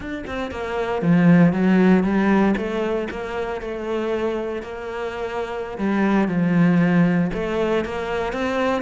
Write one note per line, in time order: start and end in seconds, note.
0.00 0.24 D4
0.27 0.51 C4
0.51 1.02 A#3
1.02 1.52 F3
1.52 2.03 F#3
2.03 2.55 G3
2.56 3.08 A3
3.10 3.61 A#3
3.61 4.62 A3
4.62 5.77 A#3
5.78 6.28 G3
6.28 7.30 F3
7.33 7.84 A3
7.84 8.32 A#3
8.32 8.82 C4